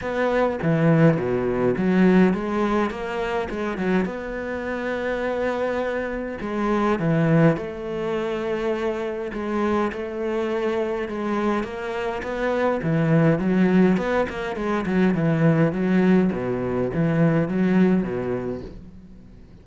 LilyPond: \new Staff \with { instrumentName = "cello" } { \time 4/4 \tempo 4 = 103 b4 e4 b,4 fis4 | gis4 ais4 gis8 fis8 b4~ | b2. gis4 | e4 a2. |
gis4 a2 gis4 | ais4 b4 e4 fis4 | b8 ais8 gis8 fis8 e4 fis4 | b,4 e4 fis4 b,4 | }